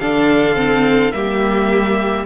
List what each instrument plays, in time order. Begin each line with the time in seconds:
0.00 cello D3, viola D4, violin A4 F5
0.56 viola C4
1.12 cello G3, viola A#3, violin G4 E5